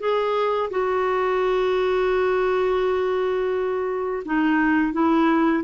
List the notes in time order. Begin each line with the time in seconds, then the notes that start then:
0.00 G#4
0.71 F#4
4.25 D#4
4.93 E4